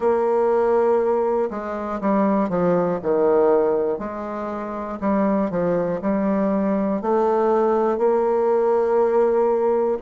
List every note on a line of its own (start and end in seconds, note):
0.00 1.49 A#3
1.50 2.00 G#3
2.00 2.49 G3
2.49 2.99 F3
3.02 3.99 D#3
3.99 4.99 G#3
5.00 5.50 G3
5.50 6.00 F3
6.01 7.01 G3
7.01 7.97 A3
7.97 9.97 A#3